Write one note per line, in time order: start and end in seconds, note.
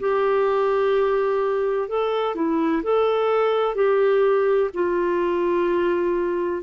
0.00 1.89 G4
1.89 2.35 A4
2.35 2.83 E4
2.84 3.75 A4
3.75 4.71 G4
4.74 6.63 F4